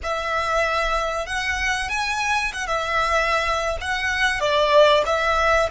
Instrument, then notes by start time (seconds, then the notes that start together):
violin
0.03 E5
1.26 F#5
1.89 G#5
2.52 F#5
2.66 E5
3.80 F#5
4.40 D5
5.06 E5